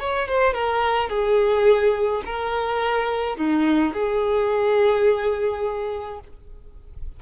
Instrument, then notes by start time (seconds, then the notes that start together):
violin
0.00 C#5
0.28 C5
0.54 A#4
1.10 G#4
2.25 A#4
3.37 D#4
3.93 G#4